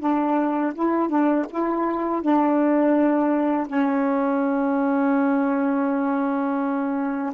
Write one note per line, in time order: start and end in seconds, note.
0.00 0.73 D4
0.75 1.09 E4
1.09 1.46 D4
1.50 2.22 E4
2.22 3.67 D4
3.67 7.33 C#4